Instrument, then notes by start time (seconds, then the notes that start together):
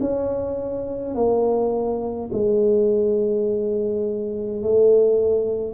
tuba
0.00 C#4
1.14 A#3
2.32 G#3
4.62 A3